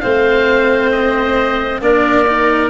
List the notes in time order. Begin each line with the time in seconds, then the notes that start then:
0.00 A3 C4 C5 F5
0.92 D#5
1.80 A#3 D4 A#4 D5
2.27 D#4